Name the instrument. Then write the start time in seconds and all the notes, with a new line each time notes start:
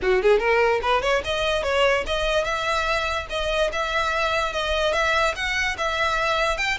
violin
0.02 F#4
0.22 G#4
0.39 A#4
0.82 B4
1.02 C#5
1.24 D#5
1.63 C#5
2.06 D#5
2.44 E5
3.29 D#5
3.72 E5
4.52 D#5
4.93 E5
5.35 F#5
5.77 E5
6.57 G5